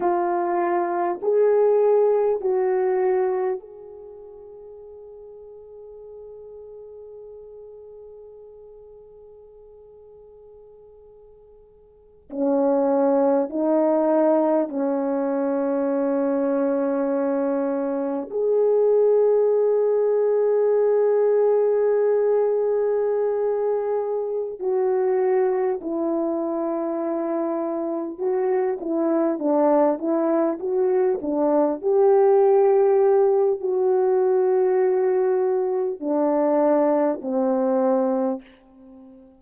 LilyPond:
\new Staff \with { instrumentName = "horn" } { \time 4/4 \tempo 4 = 50 f'4 gis'4 fis'4 gis'4~ | gis'1~ | gis'2~ gis'16 cis'4 dis'8.~ | dis'16 cis'2. gis'8.~ |
gis'1~ | gis'8 fis'4 e'2 fis'8 | e'8 d'8 e'8 fis'8 d'8 g'4. | fis'2 d'4 c'4 | }